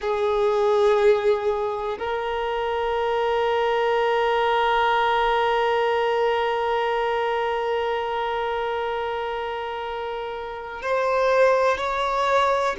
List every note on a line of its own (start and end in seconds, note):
0.01 1.98 G#4
1.99 10.82 A#4
10.82 11.77 C5
11.77 12.76 C#5